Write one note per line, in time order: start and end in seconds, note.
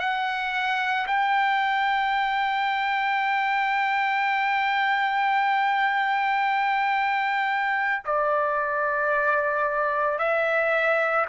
0.00 1.07 F#5
1.07 8.04 G5
8.06 10.19 D5
10.19 11.26 E5